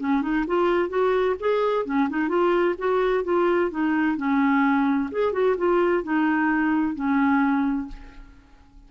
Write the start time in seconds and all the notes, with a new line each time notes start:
0.00 C#4
0.22 D#4
0.47 F4
0.89 F#4
1.40 G#4
1.86 C#4
2.09 D#4
2.29 F4
2.78 F#4
3.24 F4
3.71 D#4
4.17 C#4
5.12 G#4
5.33 F#4
5.58 F4
6.04 D#4
6.95 C#4